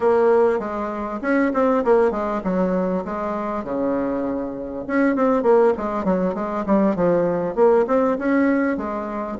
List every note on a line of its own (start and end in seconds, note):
0.00 0.59 A#3
0.59 1.20 G#3
1.21 1.52 C#4
1.53 1.83 C4
1.84 2.10 A#3
2.10 2.41 G#3
2.44 3.04 F#3
3.04 3.64 G#3
3.64 4.85 C#3
4.87 5.15 C#4
5.15 5.42 C4
5.42 5.73 A#3
5.77 6.04 G#3
6.04 6.34 F#3
6.34 6.64 G#3
6.66 6.95 G3
6.95 7.55 F3
7.55 7.85 A#3
7.87 8.17 C4
8.18 8.77 C#4
8.77 9.37 G#3